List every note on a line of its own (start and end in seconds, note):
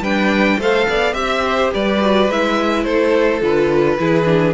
0.00 0.57 G3
0.00 0.60 D4
0.00 0.58 B4
0.00 0.60 G5
0.58 0.87 A3
0.58 1.13 A4
0.58 0.87 C5
0.58 1.14 F5
0.89 1.13 B3
0.89 1.14 D5
1.13 1.70 C4
1.13 1.98 G4
1.13 1.42 E5
1.13 1.70 E5
1.45 1.73 C5
1.73 2.29 G3
1.73 2.85 B4
1.73 2.30 D5
2.01 2.29 F#4
2.29 2.85 G#3
2.29 3.42 E4
2.29 2.84 E5
2.84 3.41 A3
2.84 3.98 A4
2.84 3.40 C5
3.42 3.98 D3
3.42 3.98 F4
3.42 4.54 B4
3.98 4.54 E3
3.98 4.25 E4
3.98 4.54 G#4
4.25 4.53 D4